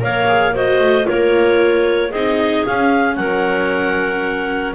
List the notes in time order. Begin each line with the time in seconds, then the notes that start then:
0.00 A#3 A#4 C#5 F5
0.28 G#4
0.55 F#4 C5 D#5
0.80 A3
1.04 A#3 F4 A#4 C#5
2.10 C4 D#4 G#4 D#5
2.66 C#4 F5
3.16 F#3 A#4 F#5